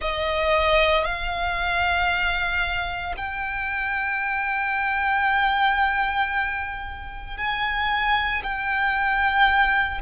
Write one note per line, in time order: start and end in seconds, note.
0.00 1.04 D#5
1.04 3.15 F5
3.16 7.37 G5
7.37 8.42 G#5
8.43 10.00 G5